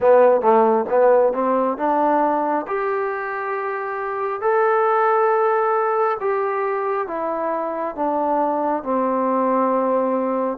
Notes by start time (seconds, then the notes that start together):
0.00 B3
0.41 A3
0.89 B3
1.33 C4
1.77 D4
2.67 G4
4.41 A4
6.20 G4
7.07 E4
7.95 D4
8.83 C4